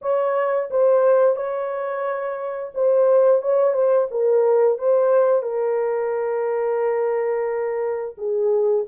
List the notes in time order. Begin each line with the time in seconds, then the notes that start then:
0.01 C#5
0.70 C5
1.35 C#5
2.74 C5
3.42 C#5
3.73 C5
4.10 A#4
4.78 C5
5.42 A#4
8.17 G#4